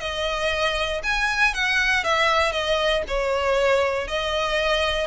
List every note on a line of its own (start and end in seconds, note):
0.00 1.02 D#5
1.03 1.54 G#5
1.54 2.04 F#5
2.04 2.52 E5
2.52 3.03 D#5
3.07 4.07 C#5
4.07 5.07 D#5